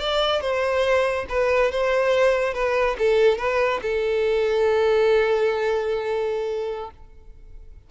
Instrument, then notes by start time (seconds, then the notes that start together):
violin
0.00 D5
0.41 C5
1.29 B4
1.71 C5
2.54 B4
2.99 A4
3.38 B4
3.82 A4